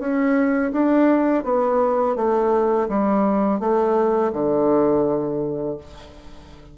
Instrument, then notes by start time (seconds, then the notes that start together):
bassoon
0.00 C#4
0.73 D4
1.44 B3
2.16 A3
2.89 G3
3.60 A3
4.33 D3